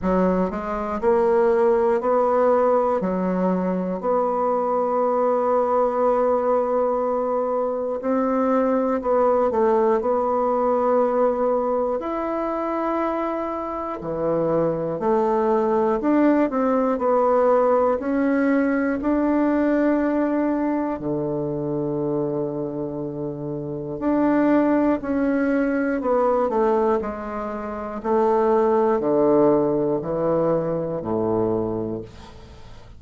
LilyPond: \new Staff \with { instrumentName = "bassoon" } { \time 4/4 \tempo 4 = 60 fis8 gis8 ais4 b4 fis4 | b1 | c'4 b8 a8 b2 | e'2 e4 a4 |
d'8 c'8 b4 cis'4 d'4~ | d'4 d2. | d'4 cis'4 b8 a8 gis4 | a4 d4 e4 a,4 | }